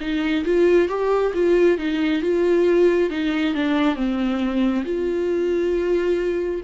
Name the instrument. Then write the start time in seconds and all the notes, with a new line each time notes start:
viola
0.00 D#4
0.45 F4
0.88 G4
1.34 F4
1.78 D#4
2.22 F4
3.10 D#4
3.54 D4
3.95 C4
4.84 F4